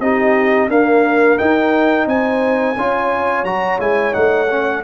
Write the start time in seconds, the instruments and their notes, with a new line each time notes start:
0.00 tuba C4, trombone D#4, horn G4, trumpet D#5
0.69 trombone A#3, tuba D4, horn A#4, trumpet F5
1.37 trombone D#4, tuba D#4, trumpet G5
2.06 tuba C4, horn C5, trumpet G#5
2.76 tuba C#4, trombone F4, horn C#5
3.44 tuba F#3, trombone F#4, trumpet A#5
3.79 tuba G#3, trombone E4, trumpet G#5
4.13 tuba A3, trombone D#4, trumpet F#5
4.50 trombone C#4